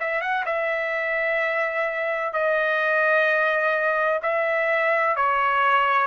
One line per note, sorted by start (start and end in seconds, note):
0.00 0.21 E5
0.21 0.45 F#5
0.46 2.34 E5
2.34 4.21 D#5
4.23 5.16 E5
5.16 6.07 C#5